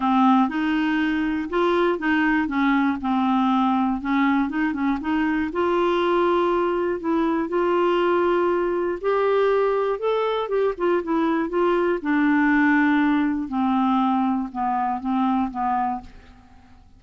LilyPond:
\new Staff \with { instrumentName = "clarinet" } { \time 4/4 \tempo 4 = 120 c'4 dis'2 f'4 | dis'4 cis'4 c'2 | cis'4 dis'8 cis'8 dis'4 f'4~ | f'2 e'4 f'4~ |
f'2 g'2 | a'4 g'8 f'8 e'4 f'4 | d'2. c'4~ | c'4 b4 c'4 b4 | }